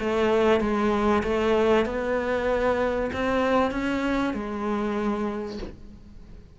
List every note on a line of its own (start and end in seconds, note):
0.00 0.61 A3
0.61 1.23 G#3
1.23 1.86 A3
1.86 3.11 B3
3.13 3.72 C4
3.72 4.34 C#4
4.34 5.59 G#3